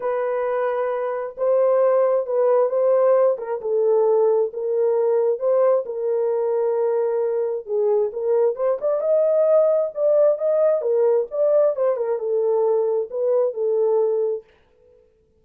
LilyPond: \new Staff \with { instrumentName = "horn" } { \time 4/4 \tempo 4 = 133 b'2. c''4~ | c''4 b'4 c''4. ais'8 | a'2 ais'2 | c''4 ais'2.~ |
ais'4 gis'4 ais'4 c''8 d''8 | dis''2 d''4 dis''4 | ais'4 d''4 c''8 ais'8 a'4~ | a'4 b'4 a'2 | }